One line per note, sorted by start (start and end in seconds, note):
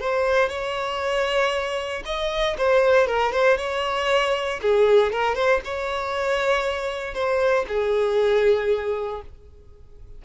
0.00 0.49 C5
0.49 2.03 C#5
2.05 2.56 D#5
2.58 3.07 C5
3.07 3.32 A#4
3.32 3.57 C5
3.57 4.60 C#5
4.62 5.12 G#4
5.12 5.35 A#4
5.35 5.61 C5
5.64 7.14 C#5
7.14 7.65 C5
7.68 9.22 G#4